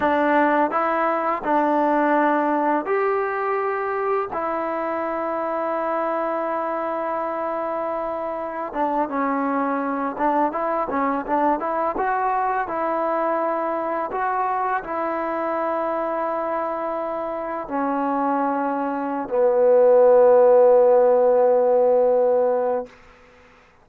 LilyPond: \new Staff \with { instrumentName = "trombone" } { \time 4/4 \tempo 4 = 84 d'4 e'4 d'2 | g'2 e'2~ | e'1~ | e'16 d'8 cis'4. d'8 e'8 cis'8 d'16~ |
d'16 e'8 fis'4 e'2 fis'16~ | fis'8. e'2.~ e'16~ | e'8. cis'2~ cis'16 b4~ | b1 | }